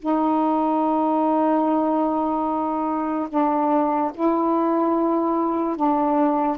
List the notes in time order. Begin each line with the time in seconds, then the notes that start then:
0.00 D#4
3.30 D4
4.15 E4
5.77 D4